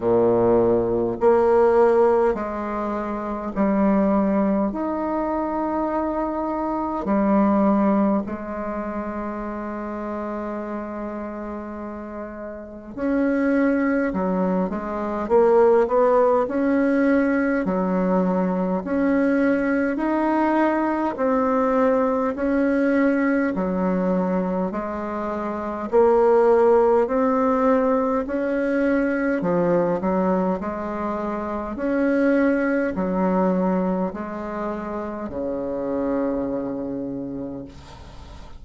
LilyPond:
\new Staff \with { instrumentName = "bassoon" } { \time 4/4 \tempo 4 = 51 ais,4 ais4 gis4 g4 | dis'2 g4 gis4~ | gis2. cis'4 | fis8 gis8 ais8 b8 cis'4 fis4 |
cis'4 dis'4 c'4 cis'4 | fis4 gis4 ais4 c'4 | cis'4 f8 fis8 gis4 cis'4 | fis4 gis4 cis2 | }